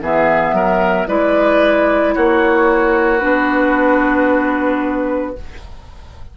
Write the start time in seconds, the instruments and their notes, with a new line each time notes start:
0.00 bassoon E3, clarinet B3, oboe G#4, flute E5
0.53 bassoon F#3, oboe A#4
1.07 bassoon G#3, clarinet E4, oboe B4, flute D5
2.15 bassoon A#3, oboe F#4, flute C#5
3.19 bassoon B3, clarinet D4, flute B4